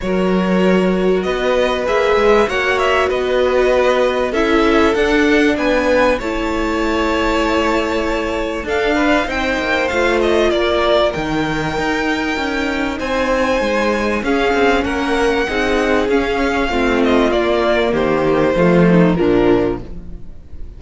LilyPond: <<
  \new Staff \with { instrumentName = "violin" } { \time 4/4 \tempo 4 = 97 cis''2 dis''4 e''4 | fis''8 e''8 dis''2 e''4 | fis''4 gis''4 a''2~ | a''2 f''4 g''4 |
f''8 dis''8 d''4 g''2~ | g''4 gis''2 f''4 | fis''2 f''4. dis''8 | d''4 c''2 ais'4 | }
  \new Staff \with { instrumentName = "violin" } { \time 4/4 ais'2 b'2 | cis''4 b'2 a'4~ | a'4 b'4 cis''2~ | cis''2 a'8 b'8 c''4~ |
c''4 ais'2.~ | ais'4 c''2 gis'4 | ais'4 gis'2 f'4~ | f'4 g'4 f'8 dis'8 d'4 | }
  \new Staff \with { instrumentName = "viola" } { \time 4/4 fis'2. gis'4 | fis'2. e'4 | d'2 e'2~ | e'2 d'4 dis'4 |
f'2 dis'2~ | dis'2. cis'4~ | cis'4 dis'4 cis'4 c'4 | ais2 a4 f4 | }
  \new Staff \with { instrumentName = "cello" } { \time 4/4 fis2 b4 ais8 gis8 | ais4 b2 cis'4 | d'4 b4 a2~ | a2 d'4 c'8 ais8 |
a4 ais4 dis4 dis'4 | cis'4 c'4 gis4 cis'8 c'8 | ais4 c'4 cis'4 a4 | ais4 dis4 f4 ais,4 | }
>>